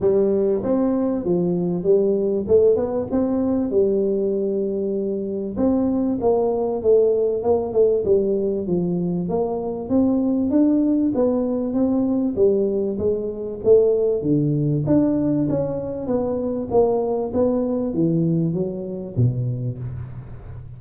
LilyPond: \new Staff \with { instrumentName = "tuba" } { \time 4/4 \tempo 4 = 97 g4 c'4 f4 g4 | a8 b8 c'4 g2~ | g4 c'4 ais4 a4 | ais8 a8 g4 f4 ais4 |
c'4 d'4 b4 c'4 | g4 gis4 a4 d4 | d'4 cis'4 b4 ais4 | b4 e4 fis4 b,4 | }